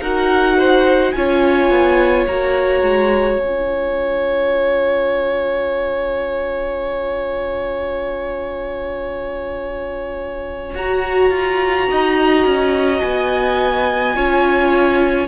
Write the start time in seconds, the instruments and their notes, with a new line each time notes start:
0.00 cello D#4, viola F#4, violin A#4 F#5
0.57 violin C5
1.12 cello C#4, viola F4, violin C#5 G#5
1.70 cello B3
2.27 cello A#3, viola F#4, violin A#5
2.82 cello G#3
3.37 cello C#4, viola F4, violin G#5
10.75 cello F#4, viola F#4, violin A#5
11.30 cello F4
11.90 cello D#4, violin D#5
12.45 cello C#4
13.00 cello B3, violin G#5
14.15 cello C#4, viola F4, violin C#5